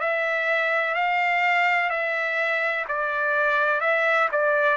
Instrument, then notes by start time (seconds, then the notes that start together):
trumpet
0.00 E5
0.95 F5
1.90 E5
2.88 D5
3.81 E5
4.32 D5